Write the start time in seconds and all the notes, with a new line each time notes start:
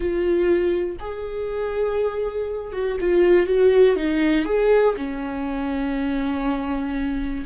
0.00 F4
0.99 G#4
2.72 F#4
3.00 F4
3.46 F#4
3.95 D#4
4.45 G#4
4.96 C#4